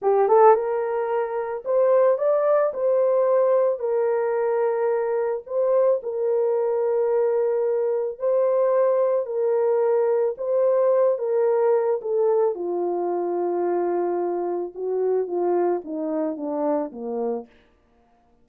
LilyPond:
\new Staff \with { instrumentName = "horn" } { \time 4/4 \tempo 4 = 110 g'8 a'8 ais'2 c''4 | d''4 c''2 ais'4~ | ais'2 c''4 ais'4~ | ais'2. c''4~ |
c''4 ais'2 c''4~ | c''8 ais'4. a'4 f'4~ | f'2. fis'4 | f'4 dis'4 d'4 ais4 | }